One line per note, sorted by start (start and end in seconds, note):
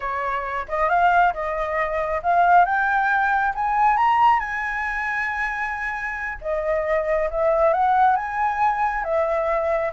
0.00 0.66 C#5
0.68 0.89 D#5
0.89 1.33 F5
1.33 2.21 D#5
2.22 2.65 F5
2.65 3.53 G5
3.55 3.97 G#5
3.97 4.39 A#5
4.39 6.38 G#5
6.41 7.29 D#5
7.30 7.73 E5
7.73 8.16 F#5
8.16 9.04 G#5
9.04 9.92 E5